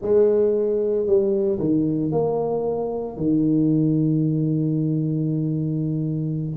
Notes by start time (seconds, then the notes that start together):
0.01 G#3
1.06 G3
1.59 D#3
2.11 A#3
3.16 D#3